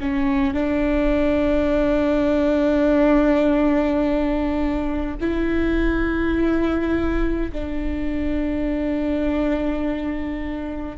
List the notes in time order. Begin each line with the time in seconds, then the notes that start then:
0.00 C#4
0.53 D4
5.20 E4
7.52 D4